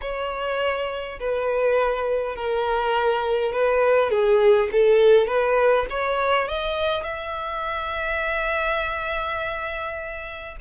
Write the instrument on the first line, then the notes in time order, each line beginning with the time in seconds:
violin
0.01 C#5
1.19 B4
2.35 A#4
3.52 B4
4.10 G#4
4.71 A4
5.27 B4
5.90 C#5
6.47 D#5
7.03 E5